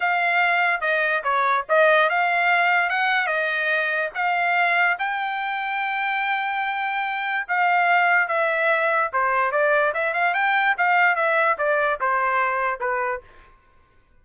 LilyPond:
\new Staff \with { instrumentName = "trumpet" } { \time 4/4 \tempo 4 = 145 f''2 dis''4 cis''4 | dis''4 f''2 fis''4 | dis''2 f''2 | g''1~ |
g''2 f''2 | e''2 c''4 d''4 | e''8 f''8 g''4 f''4 e''4 | d''4 c''2 b'4 | }